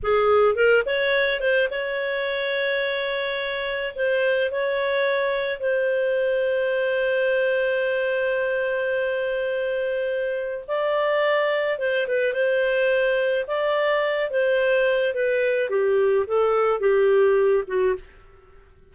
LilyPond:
\new Staff \with { instrumentName = "clarinet" } { \time 4/4 \tempo 4 = 107 gis'4 ais'8 cis''4 c''8 cis''4~ | cis''2. c''4 | cis''2 c''2~ | c''1~ |
c''2. d''4~ | d''4 c''8 b'8 c''2 | d''4. c''4. b'4 | g'4 a'4 g'4. fis'8 | }